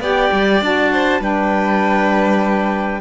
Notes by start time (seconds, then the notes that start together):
0.00 B3 G4 D5 G5
0.32 G3
0.62 D4 F#4 A5
0.93 C5
1.20 G3 D4 B4 G5